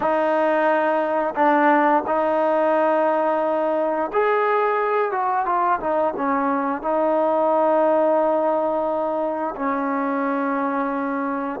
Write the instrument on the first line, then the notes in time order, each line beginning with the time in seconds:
trombone
0.00 D#4
1.35 D4
2.06 D#4
4.12 G#4
5.11 F#4
5.45 F4
5.80 D#4
6.16 C#4
6.82 D#4
9.55 C#4